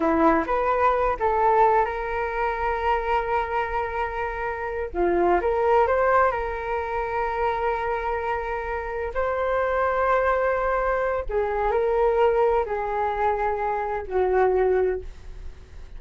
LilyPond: \new Staff \with { instrumentName = "flute" } { \time 4/4 \tempo 4 = 128 e'4 b'4. a'4. | ais'1~ | ais'2~ ais'8 f'4 ais'8~ | ais'8 c''4 ais'2~ ais'8~ |
ais'2.~ ais'8 c''8~ | c''1 | gis'4 ais'2 gis'4~ | gis'2 fis'2 | }